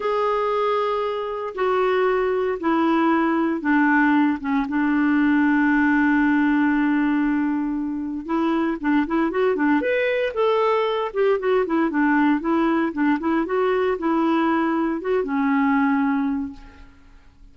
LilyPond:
\new Staff \with { instrumentName = "clarinet" } { \time 4/4 \tempo 4 = 116 gis'2. fis'4~ | fis'4 e'2 d'4~ | d'8 cis'8 d'2.~ | d'1 |
e'4 d'8 e'8 fis'8 d'8 b'4 | a'4. g'8 fis'8 e'8 d'4 | e'4 d'8 e'8 fis'4 e'4~ | e'4 fis'8 cis'2~ cis'8 | }